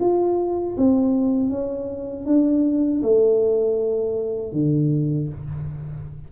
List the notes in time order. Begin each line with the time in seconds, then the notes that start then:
0.00 F4
0.77 C4
1.49 C#4
2.25 D4
3.02 A3
4.52 D3